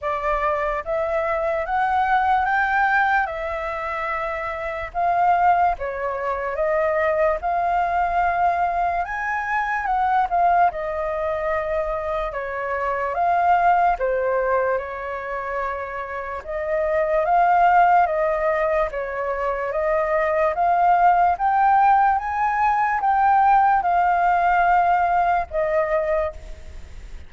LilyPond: \new Staff \with { instrumentName = "flute" } { \time 4/4 \tempo 4 = 73 d''4 e''4 fis''4 g''4 | e''2 f''4 cis''4 | dis''4 f''2 gis''4 | fis''8 f''8 dis''2 cis''4 |
f''4 c''4 cis''2 | dis''4 f''4 dis''4 cis''4 | dis''4 f''4 g''4 gis''4 | g''4 f''2 dis''4 | }